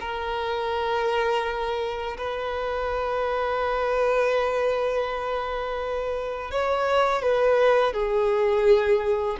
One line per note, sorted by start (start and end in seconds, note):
0.00 2.17 A#4
2.17 6.51 B4
6.51 7.22 C#5
7.22 7.93 B4
7.93 9.37 G#4